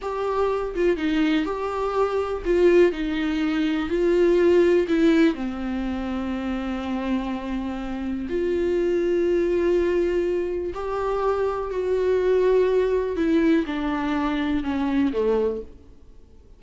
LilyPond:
\new Staff \with { instrumentName = "viola" } { \time 4/4 \tempo 4 = 123 g'4. f'8 dis'4 g'4~ | g'4 f'4 dis'2 | f'2 e'4 c'4~ | c'1~ |
c'4 f'2.~ | f'2 g'2 | fis'2. e'4 | d'2 cis'4 a4 | }